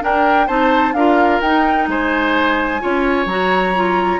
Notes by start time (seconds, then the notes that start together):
0.00 D4 A#4 G5
0.47 C4 D#4 C5 A5
0.93 D4 F4 A#4 F5
1.41 D#4 G5
1.87 G#3 C5 G#5
2.80 C#4 F4 C#5
3.26 F#3 F#4 A#5
3.75 F4